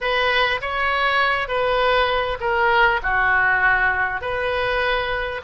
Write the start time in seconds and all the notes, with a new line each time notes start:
0.00 B4
0.61 C#5
1.48 B4
2.40 A#4
3.02 F#4
4.21 B4